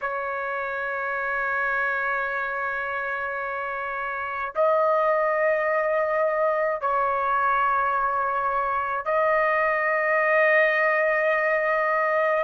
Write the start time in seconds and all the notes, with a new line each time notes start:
0.01 C#5
4.55 D#5
6.81 C#5
9.05 D#5